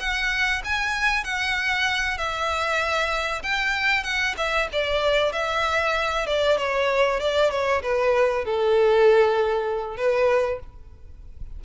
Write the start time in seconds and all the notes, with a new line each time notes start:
0.00 F#5
0.65 G#5
1.24 F#5
2.18 E5
3.43 G5
4.04 F#5
4.38 E5
4.73 D5
5.33 E5
6.27 D5
6.58 C#5
7.20 D5
7.51 C#5
7.83 B4
8.45 A4
9.97 B4